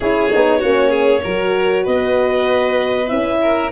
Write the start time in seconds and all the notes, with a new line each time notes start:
0.00 C#4 E4 G#4 C#5
0.29 B3 D#4
0.59 A#3 C#4 F#4
0.89 G#4
1.23 F#3 F#4 A#4
1.83 B3 B4 D#5
3.07 C#4 E4 E5
3.41 A#4